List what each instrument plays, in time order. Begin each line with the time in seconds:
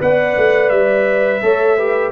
0.00 tuba B3, trombone B4, horn D5, trumpet F#5
0.37 tuba A3
0.69 tuba G3, trumpet E5
1.42 tuba A3, trombone A4, horn C#5
1.77 trombone G4, horn B4